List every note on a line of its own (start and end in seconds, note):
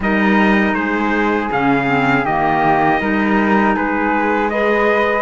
0.00 0.74 G3
0.00 1.50 D#4
0.00 0.76 A#4
0.00 0.74 D#5
0.74 1.49 G#3
0.74 2.24 G#4
0.74 1.49 C5
1.50 2.24 C#3
1.50 1.87 C#4
1.50 2.25 F5
1.87 2.24 C4
2.24 2.99 D#3
2.24 3.00 A#3
2.24 2.99 G4
2.24 3.75 D#5
3.00 3.75 G3
3.00 4.50 D#4
3.00 3.75 A#4
3.75 5.21 G#3
3.75 4.50 G#4
3.75 4.49 B4
4.49 5.21 G#4
4.49 5.21 B4
4.49 5.21 D#5